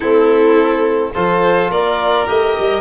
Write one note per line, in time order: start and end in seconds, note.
0.00 1.13 A3
0.00 1.14 C4
0.00 1.11 E4
0.00 1.12 A4
1.14 1.69 F3
1.14 2.26 F4
1.14 1.71 A4
1.14 1.71 C5
1.69 2.26 A#3
1.69 2.80 A#4
1.69 2.27 D5
2.26 2.56 A3
2.26 2.80 G4
2.26 2.80 D#5
2.58 2.80 G3